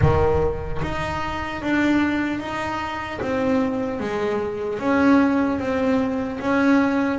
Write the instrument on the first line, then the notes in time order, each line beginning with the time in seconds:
double bass
0.01 D#3
0.82 D#4
1.62 D4
2.40 D#4
3.21 C4
4.00 G#3
4.79 C#4
5.59 C4
6.40 C#4